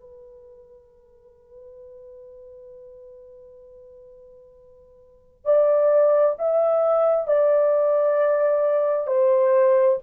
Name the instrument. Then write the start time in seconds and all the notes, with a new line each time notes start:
horn
0.00 B4
5.45 D5
6.39 E5
7.28 D5
9.07 C5